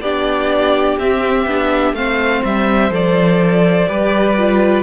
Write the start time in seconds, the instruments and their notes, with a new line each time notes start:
0.00 cello B3, viola D4, violin G4 D5
0.99 cello C4, viola C4, violin E5
1.46 cello B3, viola D4
1.93 cello A3, viola C4, violin C5 F5
2.44 cello G3, violin E5
2.90 cello F3, viola A4, violin D5
3.87 cello G3, viola G4, violin B4
4.37 viola F4